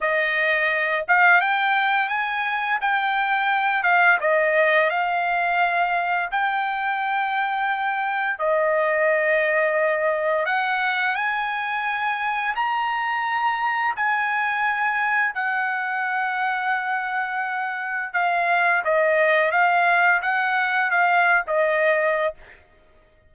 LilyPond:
\new Staff \with { instrumentName = "trumpet" } { \time 4/4 \tempo 4 = 86 dis''4. f''8 g''4 gis''4 | g''4. f''8 dis''4 f''4~ | f''4 g''2. | dis''2. fis''4 |
gis''2 ais''2 | gis''2 fis''2~ | fis''2 f''4 dis''4 | f''4 fis''4 f''8. dis''4~ dis''16 | }